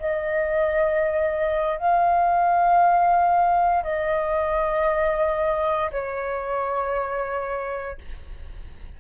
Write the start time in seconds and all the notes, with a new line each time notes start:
0.00 D#5
1.78 F5
3.84 D#5
5.92 C#5